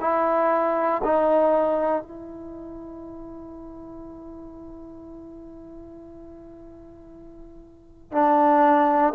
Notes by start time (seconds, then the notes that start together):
0.00 E4
1.04 D#4
2.02 E4
8.11 D4